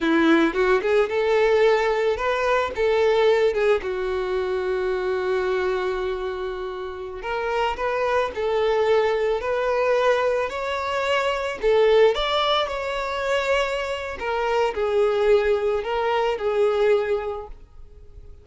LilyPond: \new Staff \with { instrumentName = "violin" } { \time 4/4 \tempo 4 = 110 e'4 fis'8 gis'8 a'2 | b'4 a'4. gis'8 fis'4~ | fis'1~ | fis'4~ fis'16 ais'4 b'4 a'8.~ |
a'4~ a'16 b'2 cis''8.~ | cis''4~ cis''16 a'4 d''4 cis''8.~ | cis''2 ais'4 gis'4~ | gis'4 ais'4 gis'2 | }